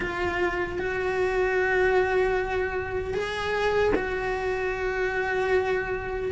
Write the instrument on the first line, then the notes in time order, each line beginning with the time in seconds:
cello
0.00 F4
0.79 F#4
3.14 G#4
3.95 F#4